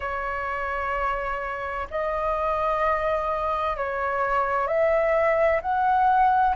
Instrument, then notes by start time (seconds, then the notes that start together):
flute
0.00 C#5
1.90 D#5
3.76 C#5
4.67 E5
5.61 F#5